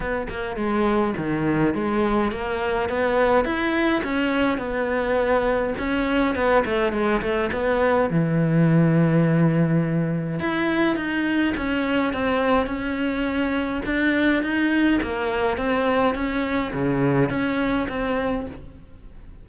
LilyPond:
\new Staff \with { instrumentName = "cello" } { \time 4/4 \tempo 4 = 104 b8 ais8 gis4 dis4 gis4 | ais4 b4 e'4 cis'4 | b2 cis'4 b8 a8 | gis8 a8 b4 e2~ |
e2 e'4 dis'4 | cis'4 c'4 cis'2 | d'4 dis'4 ais4 c'4 | cis'4 cis4 cis'4 c'4 | }